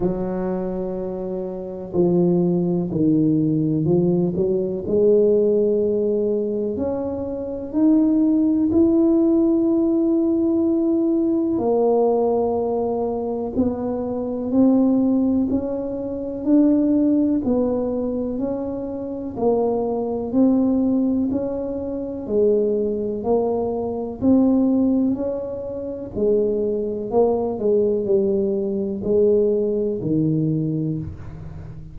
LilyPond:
\new Staff \with { instrumentName = "tuba" } { \time 4/4 \tempo 4 = 62 fis2 f4 dis4 | f8 fis8 gis2 cis'4 | dis'4 e'2. | ais2 b4 c'4 |
cis'4 d'4 b4 cis'4 | ais4 c'4 cis'4 gis4 | ais4 c'4 cis'4 gis4 | ais8 gis8 g4 gis4 dis4 | }